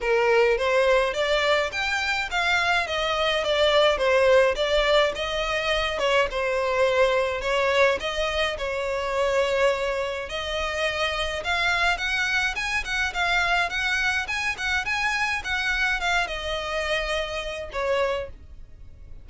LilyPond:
\new Staff \with { instrumentName = "violin" } { \time 4/4 \tempo 4 = 105 ais'4 c''4 d''4 g''4 | f''4 dis''4 d''4 c''4 | d''4 dis''4. cis''8 c''4~ | c''4 cis''4 dis''4 cis''4~ |
cis''2 dis''2 | f''4 fis''4 gis''8 fis''8 f''4 | fis''4 gis''8 fis''8 gis''4 fis''4 | f''8 dis''2~ dis''8 cis''4 | }